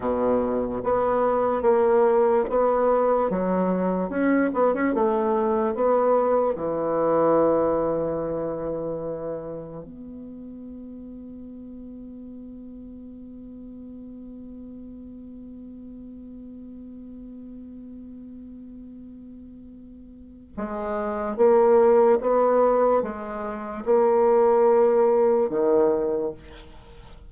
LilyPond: \new Staff \with { instrumentName = "bassoon" } { \time 4/4 \tempo 4 = 73 b,4 b4 ais4 b4 | fis4 cis'8 b16 cis'16 a4 b4 | e1 | b1~ |
b1~ | b1~ | b4 gis4 ais4 b4 | gis4 ais2 dis4 | }